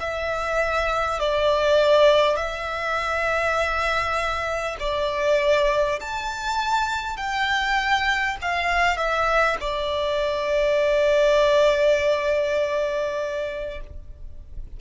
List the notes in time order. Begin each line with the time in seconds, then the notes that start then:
0.00 E5
1.19 D5
2.36 E5
4.79 D5
6.01 A5
7.17 G5
8.42 F5
8.97 E5
9.61 D5